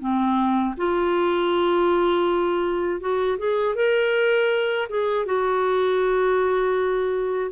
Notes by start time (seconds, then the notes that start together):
0.00 C4
0.77 F4
3.01 F#4
3.39 G#4
3.76 A#4
4.90 G#4
5.26 F#4